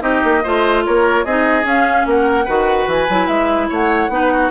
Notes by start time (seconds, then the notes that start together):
0.00 C4 D#4 G4 D#5
0.24 A#3
0.43 A3 F4 C5
0.85 A#3 A#4 C#5
1.25 C4 D#4 G#4 D#5
1.63 C#4 F5
2.06 A#3 A#4 F#5
2.45 D#3 F#4 B4
2.87 E3 G#5
3.09 F#3 E4
3.27 G#3 E5
3.69 A3 C#5 F#5
4.09 B3 D#4 B4
4.32 F#4